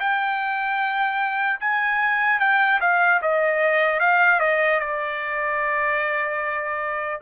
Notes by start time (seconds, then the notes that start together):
0.00 G5
1.60 G#5
2.40 G5
2.81 F5
3.22 D#5
4.00 F5
4.40 D#5
4.80 D5